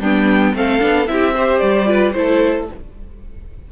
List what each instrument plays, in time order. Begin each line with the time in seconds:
0.00 cello G3, viola B3, violin D4 G5
0.54 cello A3, viola C4, violin A4 F5
0.79 cello B3, viola D4
1.07 cello C4, viola E4, violin G4 E5
1.35 viola G4, violin C5
1.59 cello G3, violin D5
1.87 viola F4, violin B4
2.13 cello A3, viola E4, violin A4 C5